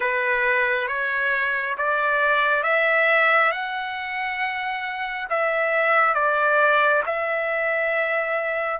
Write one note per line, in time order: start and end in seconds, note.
0.00 0.87 B4
0.87 1.76 C#5
1.77 2.63 D5
2.63 3.51 E5
3.51 5.28 F#5
5.29 6.14 E5
6.14 7.02 D5
7.05 8.80 E5